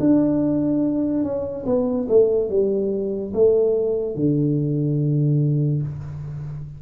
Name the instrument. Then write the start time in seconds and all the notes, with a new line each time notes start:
tuba
0.00 D4
1.23 C#4
1.66 B3
2.09 A3
2.50 G3
3.34 A3
4.16 D3